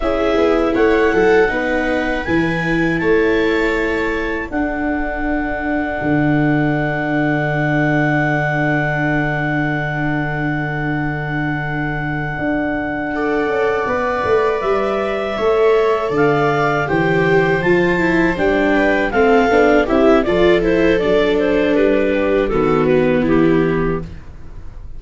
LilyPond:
<<
  \new Staff \with { instrumentName = "clarinet" } { \time 4/4 \tempo 4 = 80 e''4 fis''2 gis''4 | a''2 fis''2~ | fis''1~ | fis''1~ |
fis''2.~ fis''8 e''8~ | e''4. f''4 g''4 a''8~ | a''8 g''4 f''4 e''8 d''8 c''8 | d''8 c''8 b'4 a'8 b'8 g'4 | }
  \new Staff \with { instrumentName = "viola" } { \time 4/4 gis'4 cis''8 a'8 b'2 | cis''2 a'2~ | a'1~ | a'1~ |
a'4. d''2~ d''8~ | d''8 cis''4 d''4 c''4.~ | c''4 b'8 a'4 g'8 a'4~ | a'4. g'8 fis'4 e'4 | }
  \new Staff \with { instrumentName = "viola" } { \time 4/4 e'2 dis'4 e'4~ | e'2 d'2~ | d'1~ | d'1~ |
d'4. a'4 b'4.~ | b'8 a'2 g'4 f'8 | e'8 d'4 c'8 d'8 e'8 f'8 e'8 | d'2 b2 | }
  \new Staff \with { instrumentName = "tuba" } { \time 4/4 cis'8 b8 a8 fis8 b4 e4 | a2 d'2 | d1~ | d1~ |
d8 d'4. cis'8 b8 a8 g8~ | g8 a4 d4 e4 f8~ | f8 g4 a8 b8 c'8 f4 | fis4 g4 dis4 e4 | }
>>